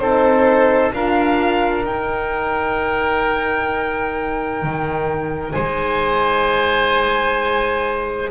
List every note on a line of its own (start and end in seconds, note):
0.00 0.92 C4
0.00 0.94 D#4
0.00 0.94 A4
0.00 0.92 C5
0.94 1.86 D4
0.94 1.85 F4
0.94 5.54 A#4
0.94 1.86 F5
1.85 8.31 D#4
1.85 4.63 D#4
1.85 5.52 G5
4.63 5.55 D#3
5.52 8.31 G#3
5.52 8.31 C5
5.52 8.29 G#5